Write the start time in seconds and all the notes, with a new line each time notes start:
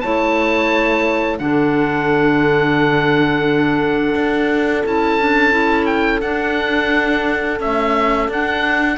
0.00 A3 E4 C#5 A5
1.38 D3 D4 A4 F#5
4.14 D4
4.85 C#4 E4 A5
5.20 D4
5.51 E4
5.86 G5
6.21 D4 F#5
7.60 A3 C#4 E5
8.28 D4 F#5